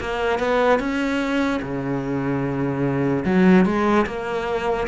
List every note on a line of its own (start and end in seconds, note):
0.00 0.39 A#3
0.39 0.80 B3
0.80 1.61 C#4
1.62 3.24 C#3
3.25 3.65 F#3
3.65 4.06 G#3
4.06 4.87 A#3